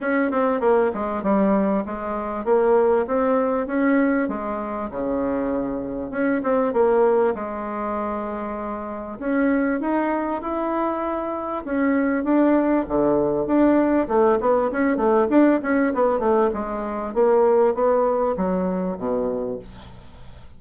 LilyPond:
\new Staff \with { instrumentName = "bassoon" } { \time 4/4 \tempo 4 = 98 cis'8 c'8 ais8 gis8 g4 gis4 | ais4 c'4 cis'4 gis4 | cis2 cis'8 c'8 ais4 | gis2. cis'4 |
dis'4 e'2 cis'4 | d'4 d4 d'4 a8 b8 | cis'8 a8 d'8 cis'8 b8 a8 gis4 | ais4 b4 fis4 b,4 | }